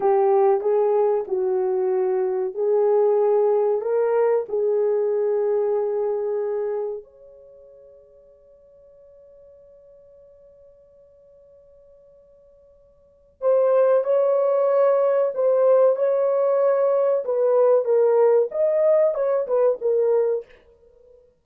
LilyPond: \new Staff \with { instrumentName = "horn" } { \time 4/4 \tempo 4 = 94 g'4 gis'4 fis'2 | gis'2 ais'4 gis'4~ | gis'2. cis''4~ | cis''1~ |
cis''1~ | cis''4 c''4 cis''2 | c''4 cis''2 b'4 | ais'4 dis''4 cis''8 b'8 ais'4 | }